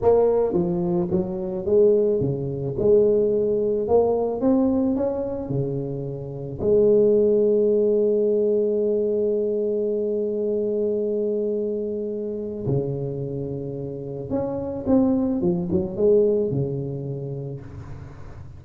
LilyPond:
\new Staff \with { instrumentName = "tuba" } { \time 4/4 \tempo 4 = 109 ais4 f4 fis4 gis4 | cis4 gis2 ais4 | c'4 cis'4 cis2 | gis1~ |
gis1~ | gis2. cis4~ | cis2 cis'4 c'4 | f8 fis8 gis4 cis2 | }